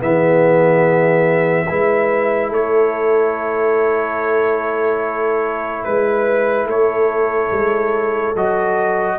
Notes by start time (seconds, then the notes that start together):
0.00 E3 B3 G#4 E5
1.67 G#3 E4 B4
2.50 A3 A4 C#5
5.84 G#3 B4
6.66 A3 A4 C#5
7.52 G#3
8.36 F#3 F#4 D#5